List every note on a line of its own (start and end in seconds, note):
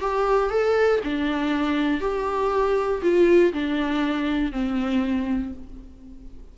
0.00 0.50 G4
0.50 1.00 A4
1.03 2.00 D4
2.00 3.01 G4
3.02 3.52 F4
3.53 4.52 D4
4.52 5.53 C4